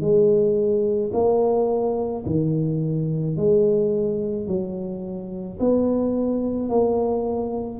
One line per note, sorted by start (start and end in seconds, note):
0.00 1.11 G#3
1.13 2.24 A#3
2.25 3.36 D#3
3.36 4.46 G#3
4.46 5.58 F#3
5.60 6.69 B3
6.69 7.79 A#3